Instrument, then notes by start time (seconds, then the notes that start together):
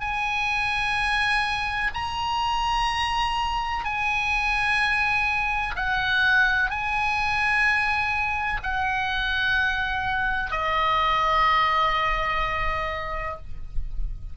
oboe
0.00 G#5
1.94 A#5
3.84 G#5
5.76 F#5
6.70 G#5
8.63 F#5
10.51 D#5